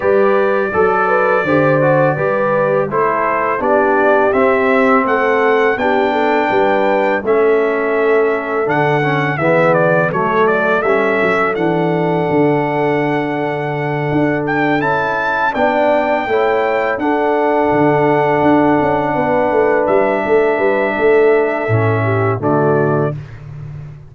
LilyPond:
<<
  \new Staff \with { instrumentName = "trumpet" } { \time 4/4 \tempo 4 = 83 d''1 | c''4 d''4 e''4 fis''4 | g''2 e''2 | fis''4 e''8 d''8 cis''8 d''8 e''4 |
fis''1 | g''8 a''4 g''2 fis''8~ | fis''2.~ fis''8 e''8~ | e''2. d''4 | }
  \new Staff \with { instrumentName = "horn" } { \time 4/4 b'4 a'8 b'8 c''4 b'4 | a'4 g'2 a'4 | g'8 a'8 b'4 a'2~ | a'4 gis'4 a'2~ |
a'1~ | a'4. d''4 cis''4 a'8~ | a'2~ a'8 b'4. | a'8 b'8 a'4. g'8 fis'4 | }
  \new Staff \with { instrumentName = "trombone" } { \time 4/4 g'4 a'4 g'8 fis'8 g'4 | e'4 d'4 c'2 | d'2 cis'2 | d'8 cis'8 b4 a4 cis'4 |
d'1~ | d'8 e'4 d'4 e'4 d'8~ | d'1~ | d'2 cis'4 a4 | }
  \new Staff \with { instrumentName = "tuba" } { \time 4/4 g4 fis4 d4 g4 | a4 b4 c'4 a4 | b4 g4 a2 | d4 e4 fis4 g8 fis8 |
e4 d2~ d8 d'8~ | d'8 cis'4 b4 a4 d'8~ | d'8 d4 d'8 cis'8 b8 a8 g8 | a8 g8 a4 a,4 d4 | }
>>